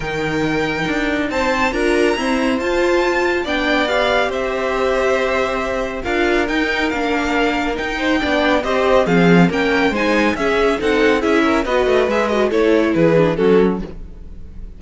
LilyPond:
<<
  \new Staff \with { instrumentName = "violin" } { \time 4/4 \tempo 4 = 139 g''2. a''4 | ais''2 a''2 | g''4 f''4 e''2~ | e''2 f''4 g''4 |
f''2 g''2 | dis''4 f''4 g''4 gis''4 | e''4 fis''4 e''4 dis''4 | e''8 dis''8 cis''4 b'4 a'4 | }
  \new Staff \with { instrumentName = "violin" } { \time 4/4 ais'2. c''4 | ais'4 c''2. | d''2 c''2~ | c''2 ais'2~ |
ais'2~ ais'8 c''8 d''4 | c''4 gis'4 ais'4 c''4 | gis'4 a'4 gis'8 ais'8 b'4~ | b'4 a'4 gis'4 fis'4 | }
  \new Staff \with { instrumentName = "viola" } { \time 4/4 dis'1 | f'4 c'4 f'2 | d'4 g'2.~ | g'2 f'4 dis'4 |
d'2 dis'4 d'4 | g'4 c'4 cis'4 dis'4 | cis'4 dis'4 e'4 fis'4 | gis'8 fis'8 e'4. d'8 cis'4 | }
  \new Staff \with { instrumentName = "cello" } { \time 4/4 dis2 d'4 c'4 | d'4 e'4 f'2 | b2 c'2~ | c'2 d'4 dis'4 |
ais2 dis'4 b4 | c'4 f4 ais4 gis4 | cis'4 c'4 cis'4 b8 a8 | gis4 a4 e4 fis4 | }
>>